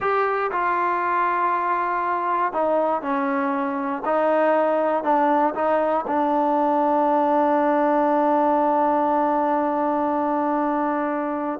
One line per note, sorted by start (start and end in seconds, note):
0.00 0.51 G4
0.51 2.53 F4
2.53 3.01 D#4
3.01 4.02 C#4
4.05 5.03 D#4
5.03 5.54 D4
5.54 6.05 D#4
6.07 11.60 D4